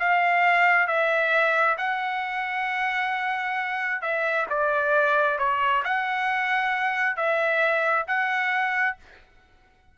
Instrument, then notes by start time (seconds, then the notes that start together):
trumpet
0.00 F5
0.88 E5
1.78 F#5
4.02 E5
4.50 D5
5.39 C#5
5.85 F#5
7.16 E5
8.08 F#5